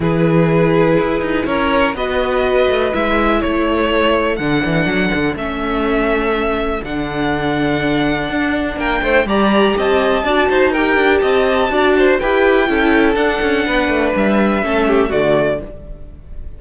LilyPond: <<
  \new Staff \with { instrumentName = "violin" } { \time 4/4 \tempo 4 = 123 b'2. cis''4 | dis''2 e''4 cis''4~ | cis''4 fis''2 e''4~ | e''2 fis''2~ |
fis''2 g''4 ais''4 | a''2 g''4 a''4~ | a''4 g''2 fis''4~ | fis''4 e''2 d''4 | }
  \new Staff \with { instrumentName = "violin" } { \time 4/4 gis'2. ais'4 | b'2. a'4~ | a'1~ | a'1~ |
a'2 ais'8 c''8 d''4 | dis''4 d''8 c''8 ais'4 dis''4 | d''8 c''8 b'4 a'2 | b'2 a'8 g'8 fis'4 | }
  \new Staff \with { instrumentName = "viola" } { \time 4/4 e'1 | fis'2 e'2~ | e'4 d'2 cis'4~ | cis'2 d'2~ |
d'2. g'4~ | g'4 fis'4 g'2 | fis'4 g'4 e'4 d'4~ | d'2 cis'4 a4 | }
  \new Staff \with { instrumentName = "cello" } { \time 4/4 e2 e'8 dis'8 cis'4 | b4. a8 gis4 a4~ | a4 d8 e8 fis8 d8 a4~ | a2 d2~ |
d4 d'4 ais8 a8 g4 | c'4 d'8 dis'4 d'8 c'4 | d'4 e'4 cis'4 d'8 cis'8 | b8 a8 g4 a4 d4 | }
>>